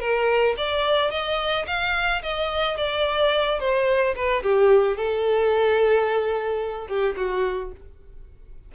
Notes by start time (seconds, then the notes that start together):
0.00 A#4
0.57 D5
1.11 D#5
1.67 F5
2.22 D#5
2.77 D5
3.60 C5
4.16 B4
4.43 G4
4.97 A4
6.88 G4
7.17 F#4